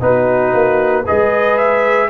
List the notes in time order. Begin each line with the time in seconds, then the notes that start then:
0.00 B3 D#4 F#4 B4
0.54 A#3
1.03 G#4 B4 D#5
1.11 G#3
1.57 E5